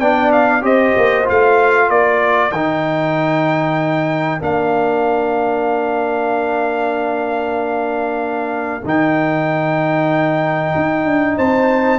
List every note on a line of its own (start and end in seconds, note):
0.00 0.62 B3
0.00 0.61 D4
0.00 0.63 D5
0.00 0.32 G5
0.32 0.64 F5
0.61 0.94 C4
0.61 1.25 G4
0.61 1.89 C5
0.61 1.28 D#5
0.97 1.29 A#3
1.25 1.90 A3
1.25 2.51 F4
1.25 1.90 F5
1.90 2.51 A#3
1.90 11.37 A#4
1.90 2.52 D5
2.51 4.41 D#3
2.51 4.40 D#4
2.51 4.41 G5
4.40 8.83 A#3
4.40 8.82 D4
4.40 8.85 F5
8.84 10.74 D#3
8.84 11.99 D#4
8.84 11.38 G5
10.76 11.06 D#4
11.06 11.37 D4
11.37 11.99 C4
11.37 11.99 C5
11.37 11.99 A5